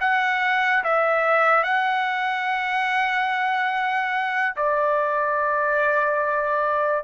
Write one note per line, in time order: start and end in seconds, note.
0.00 0.83 F#5
0.83 1.63 E5
1.63 4.55 F#5
4.56 7.03 D5